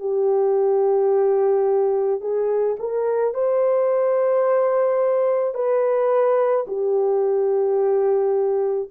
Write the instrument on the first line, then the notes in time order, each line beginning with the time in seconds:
horn
0.00 G4
2.21 G#4
2.79 A#4
3.34 C5
5.55 B4
6.68 G4